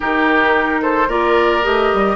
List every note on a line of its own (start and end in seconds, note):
0.00 1.07 D#3
0.00 1.07 D#4
0.00 0.81 G4
0.00 0.82 A#4
0.81 1.08 A4
0.81 1.09 C5
1.07 1.62 A#3
1.07 1.62 F4
1.07 2.16 A#4
1.07 1.64 D5
1.62 1.93 A3
1.62 2.16 G4
1.62 2.16 D#5
1.93 2.16 G3